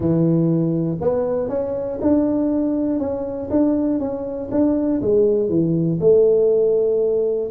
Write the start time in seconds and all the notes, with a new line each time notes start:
0.00 E3
1.00 B3
1.48 C#4
2.01 D4
2.99 C#4
3.50 D4
3.99 C#4
4.51 D4
5.01 G#3
5.49 E3
6.00 A3